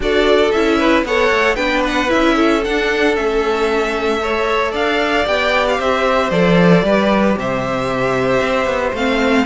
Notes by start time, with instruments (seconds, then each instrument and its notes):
0.00 cello D4, viola F#4, violin A4 D5
0.51 cello C#4, viola E4, violin E5
0.78 violin B4
1.03 cello B3, viola A4, violin C#5 F#5
1.30 cello A3
1.55 cello B3, viola D4, violin B4 G5
1.86 violin F#5
2.07 cello C#4, viola E4, violin E5
2.35 violin A4
2.64 viola D4, cello D4, violin F#5
3.15 cello A3, viola C#4, violin E5
4.20 viola A4, violin C#5
4.71 cello D4, violin D5 F5
5.26 cello B3, viola G4, violin G5
5.68 violin F5
5.78 cello C4, violin C5 E5
6.30 cello F3, viola A4, violin D5
6.83 cello G3, viola G4, violin B4
7.37 cello C3, violin C5 E5
8.41 cello C4
8.66 cello B3
8.92 cello A3, viola C4, violin F5